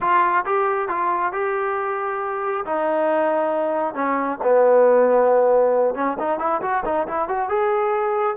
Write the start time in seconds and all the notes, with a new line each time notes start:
0.00 F4
0.45 G4
0.88 F4
1.32 G4
2.65 D#4
3.94 C#4
4.43 B3
5.95 C#4
6.19 D#4
6.39 E4
6.61 F#4
6.85 D#4
7.07 E4
7.28 F#4
7.48 G#4